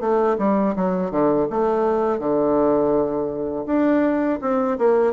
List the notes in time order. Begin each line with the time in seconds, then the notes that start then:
0.00 A3
0.38 G3
0.75 F#3
1.11 D3
1.50 A3
2.19 D3
3.66 D4
4.41 C4
4.78 A#3